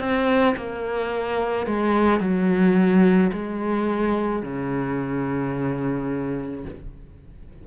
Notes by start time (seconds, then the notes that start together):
0.00 C4
0.57 A#3
1.67 G#3
2.20 F#3
3.33 G#3
4.43 C#3